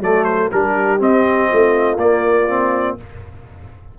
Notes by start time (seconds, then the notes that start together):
0.00 F#3 A3 A4 D5
0.24 C5
0.51 G3 D4 G4 A#4
0.99 C4 D#5
1.51 A3 F4
1.97 A#3 D5
2.48 C4